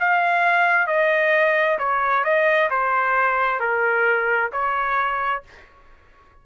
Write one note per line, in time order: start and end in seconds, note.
0.00 0.88 F5
0.88 1.79 D#5
1.79 2.25 C#5
2.25 2.70 D#5
2.71 3.60 C5
3.60 4.51 A#4
4.52 5.43 C#5